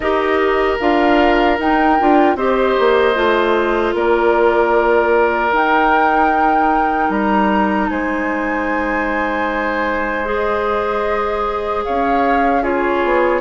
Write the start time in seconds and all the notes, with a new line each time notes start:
0.00 D#4 G4 A#4 D#5
0.79 D4 F4 F5
1.59 D#4 G5
1.99 D4 F4
2.35 C4 G4 C5 D#5
2.79 A#3
3.14 A3 F4
3.94 A#3 A#4 D5
5.51 D#4 G5
7.09 G3 A#5
7.89 G#3 C5 G#5
10.25 G#4 D#5
11.84 C#4 C#5 F5
12.62 F4 G#4 C#5
13.04 B3